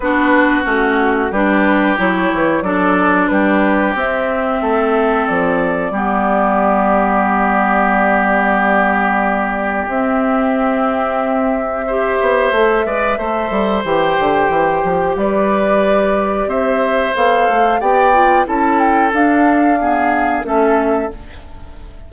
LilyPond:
<<
  \new Staff \with { instrumentName = "flute" } { \time 4/4 \tempo 4 = 91 b'4 fis'4 b'4 cis''4 | d''4 b'4 e''2 | d''1~ | d''2. e''4~ |
e''1~ | e''4 g''2 d''4~ | d''4 e''4 f''4 g''4 | a''8 g''8 f''2 e''4 | }
  \new Staff \with { instrumentName = "oboe" } { \time 4/4 fis'2 g'2 | a'4 g'2 a'4~ | a'4 g'2.~ | g'1~ |
g'2 c''4. d''8 | c''2. b'4~ | b'4 c''2 d''4 | a'2 gis'4 a'4 | }
  \new Staff \with { instrumentName = "clarinet" } { \time 4/4 d'4 cis'4 d'4 e'4 | d'2 c'2~ | c'4 b2.~ | b2. c'4~ |
c'2 g'4 a'8 b'8 | a'4 g'2.~ | g'2 a'4 g'8 f'8 | e'4 d'4 b4 cis'4 | }
  \new Staff \with { instrumentName = "bassoon" } { \time 4/4 b4 a4 g4 fis8 e8 | fis4 g4 c'4 a4 | f4 g2.~ | g2. c'4~ |
c'2~ c'8 b8 a8 gis8 | a8 g8 e8 d8 e8 f8 g4~ | g4 c'4 b8 a8 b4 | cis'4 d'2 a4 | }
>>